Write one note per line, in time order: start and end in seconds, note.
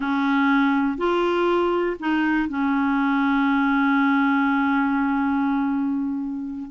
0.00 0.97 C#4
0.97 1.97 F4
1.99 2.49 D#4
2.49 6.70 C#4